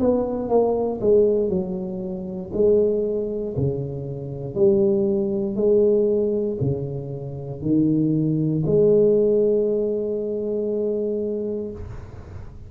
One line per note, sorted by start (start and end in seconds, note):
0.00 0.49 B3
0.49 1.00 A#3
1.01 1.50 G#3
1.50 2.51 F#3
2.54 3.55 G#3
3.57 4.55 C#3
4.55 5.56 G3
5.56 6.58 G#3
6.61 7.62 C#3
7.62 8.64 D#3
8.66 11.71 G#3